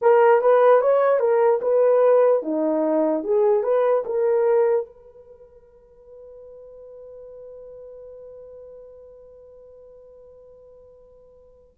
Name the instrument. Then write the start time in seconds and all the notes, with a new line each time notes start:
horn
0.01 A#4
0.41 B4
0.81 C#5
1.19 A#4
1.61 B4
2.42 D#4
3.23 G#4
3.63 B4
4.05 A#4
4.86 B4